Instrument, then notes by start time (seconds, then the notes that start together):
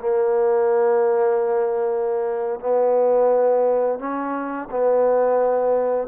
trombone
0.00 A#3
2.60 B3
3.99 C#4
4.71 B3